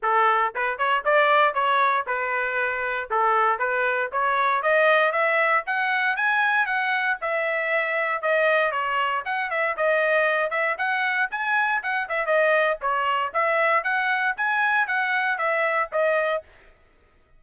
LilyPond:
\new Staff \with { instrumentName = "trumpet" } { \time 4/4 \tempo 4 = 117 a'4 b'8 cis''8 d''4 cis''4 | b'2 a'4 b'4 | cis''4 dis''4 e''4 fis''4 | gis''4 fis''4 e''2 |
dis''4 cis''4 fis''8 e''8 dis''4~ | dis''8 e''8 fis''4 gis''4 fis''8 e''8 | dis''4 cis''4 e''4 fis''4 | gis''4 fis''4 e''4 dis''4 | }